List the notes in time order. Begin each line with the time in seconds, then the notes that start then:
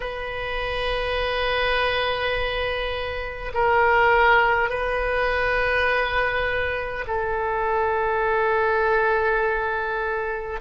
0.00 B4
3.53 A#4
4.69 B4
7.06 A4